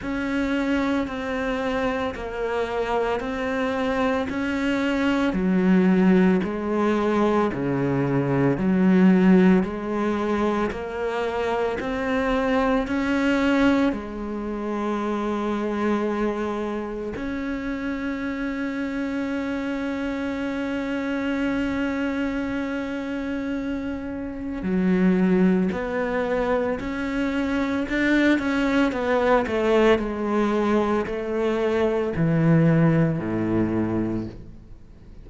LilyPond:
\new Staff \with { instrumentName = "cello" } { \time 4/4 \tempo 4 = 56 cis'4 c'4 ais4 c'4 | cis'4 fis4 gis4 cis4 | fis4 gis4 ais4 c'4 | cis'4 gis2. |
cis'1~ | cis'2. fis4 | b4 cis'4 d'8 cis'8 b8 a8 | gis4 a4 e4 a,4 | }